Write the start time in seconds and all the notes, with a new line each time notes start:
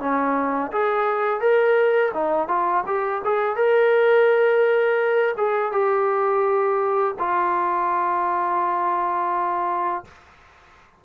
0.00 C#4
0.72 G#4
1.40 A#4
2.14 D#4
2.48 F4
2.86 G4
3.24 G#4
3.56 A#4
5.37 G#4
5.72 G4
7.19 F4